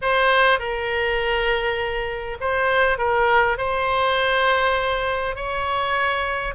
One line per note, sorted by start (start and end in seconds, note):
0.01 0.59 C5
0.59 2.37 A#4
2.40 2.98 C5
2.98 3.57 A#4
3.57 5.35 C5
5.35 6.54 C#5